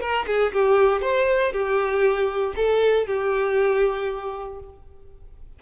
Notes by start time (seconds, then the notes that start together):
0.00 A#4
0.27 G#4
0.52 G4
1.01 C5
1.52 G4
2.56 A4
3.06 G4